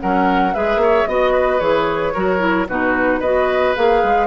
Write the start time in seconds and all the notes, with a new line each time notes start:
0.00 F#3 C#4 A#4 F#5
0.54 G#3 G#4 B4 E5
0.77 A#3 C#5
1.07 B3 F#4 D#5
1.33 B4
1.59 E3 G#4 C#5
2.14 F#3 F#4 A#4
2.39 E4
2.68 B2 D#4 F#4 B4
3.20 B3 F#4 B4 D#5
3.75 A#3 G#4 F5
4.03 G#3